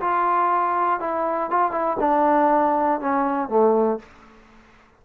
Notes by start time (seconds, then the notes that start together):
0.00 F4
1.00 E4
1.50 F4
1.71 E4
1.99 D4
3.00 C#4
3.49 A3